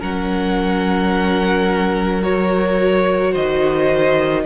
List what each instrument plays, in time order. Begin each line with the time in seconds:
0.00 cello F#3, viola C#4, violin A#4 F#5
2.22 viola F#4, violin C#5
3.31 cello D#3, violin C5 D#5